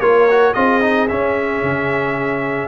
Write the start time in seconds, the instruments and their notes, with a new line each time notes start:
0.00 tuba A#3, trombone F4, horn A#4, trumpet C#5
0.30 trombone F#4
0.54 tuba C4, trombone F4, horn G#4, trumpet D#5
0.81 trombone D#4
1.08 trombone C#4, tuba C#4, trumpet E5
1.63 tuba C#3